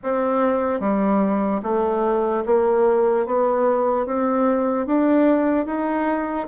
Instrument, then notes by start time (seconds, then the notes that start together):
bassoon
0.03 C4
0.80 G3
1.62 A3
2.45 A#3
3.25 B3
4.05 C4
4.86 D4
5.65 D#4